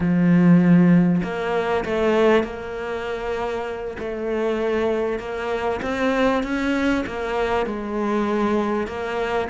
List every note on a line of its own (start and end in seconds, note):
0.00 1.22 F3
1.23 1.84 A#3
1.85 2.43 A3
2.43 3.96 A#3
3.98 5.19 A3
5.19 5.80 A#3
5.82 6.43 C4
6.43 7.04 C#4
7.06 7.66 A#3
7.66 8.87 G#3
8.87 9.48 A#3